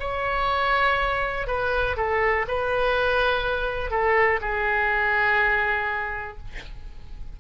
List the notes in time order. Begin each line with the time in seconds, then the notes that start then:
0.00 C#5
1.48 B4
1.97 A4
2.49 B4
3.91 A4
4.42 G#4